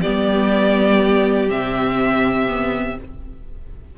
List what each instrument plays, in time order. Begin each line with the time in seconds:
0.00 viola B3, violin G4 D5
0.06 cello G3
1.48 cello C3, viola C4, violin E5
2.48 viola B3